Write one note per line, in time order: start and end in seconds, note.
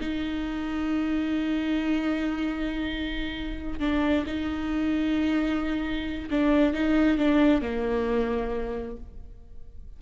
0.00 3.80 D#4
3.80 4.25 D4
4.26 6.29 D#4
6.30 6.73 D4
6.73 7.18 D#4
7.18 7.61 D4
7.61 8.97 A#3